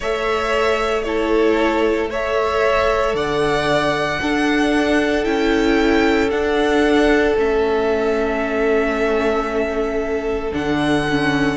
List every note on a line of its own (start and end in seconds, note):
0.00 3.14 A3
0.00 1.05 A4
0.00 1.04 C#5
0.00 1.02 E5
1.02 2.10 E4
1.02 2.09 A4
1.02 2.08 C#5
2.09 4.21 A4
2.09 3.15 C#5
2.09 3.16 E5
3.14 4.19 D3
3.14 4.20 D5
3.14 5.24 F#5
4.21 5.23 D4
4.21 5.27 D4
4.21 11.57 A4
5.23 6.32 C#4
5.23 6.29 E4
5.23 6.29 G5
6.30 7.35 D4
6.30 7.36 D4
6.30 7.35 F#5
7.36 10.52 A3
7.36 10.51 C#4
7.36 10.53 E5
10.51 11.57 D3
10.51 11.04 D4
10.51 11.57 F#5
11.09 11.57 C#4